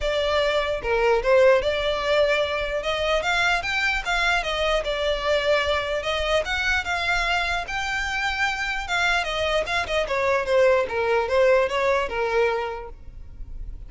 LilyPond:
\new Staff \with { instrumentName = "violin" } { \time 4/4 \tempo 4 = 149 d''2 ais'4 c''4 | d''2. dis''4 | f''4 g''4 f''4 dis''4 | d''2. dis''4 |
fis''4 f''2 g''4~ | g''2 f''4 dis''4 | f''8 dis''8 cis''4 c''4 ais'4 | c''4 cis''4 ais'2 | }